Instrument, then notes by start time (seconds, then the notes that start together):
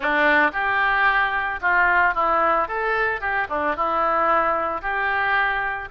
oboe
0.00 D4
0.53 G4
1.61 F4
2.14 E4
2.68 A4
3.20 G4
3.49 D4
3.75 E4
4.81 G4